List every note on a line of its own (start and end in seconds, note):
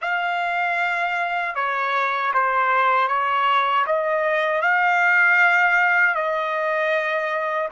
0.01 1.55 F5
1.55 2.32 C#5
2.33 3.08 C5
3.08 3.85 C#5
3.86 4.62 D#5
4.62 6.14 F5
6.14 7.68 D#5